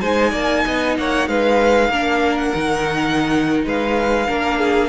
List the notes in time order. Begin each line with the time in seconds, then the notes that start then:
0.00 G#3 D#4 C5 G#5
0.30 A#3 D5
0.66 B3 D#5
0.97 A#3 C#5 F#5
1.27 G#3 B4 F5
1.89 A#3 D4 A#4
2.37 F#5
2.54 D#3 D#4
3.65 G#3 B4 F5
4.27 A#3 D4 A#4
4.59 G#4